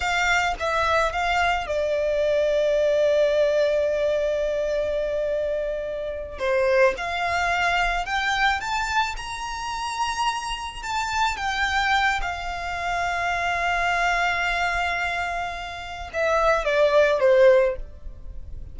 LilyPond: \new Staff \with { instrumentName = "violin" } { \time 4/4 \tempo 4 = 108 f''4 e''4 f''4 d''4~ | d''1~ | d''2.~ d''8 c''8~ | c''8 f''2 g''4 a''8~ |
a''8 ais''2. a''8~ | a''8 g''4. f''2~ | f''1~ | f''4 e''4 d''4 c''4 | }